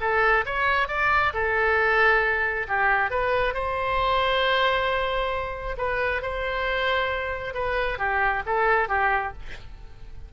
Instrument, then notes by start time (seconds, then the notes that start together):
oboe
0.00 A4
0.45 C#5
0.88 D5
1.33 A4
2.68 G4
3.10 B4
3.54 C5
5.77 B4
6.22 C5
7.54 B4
7.98 G4
8.46 A4
8.88 G4